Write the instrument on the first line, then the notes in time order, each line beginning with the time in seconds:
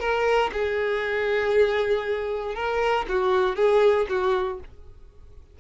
violin
0.00 A#4
0.53 G#4
2.55 A#4
3.09 F#4
3.56 G#4
4.09 F#4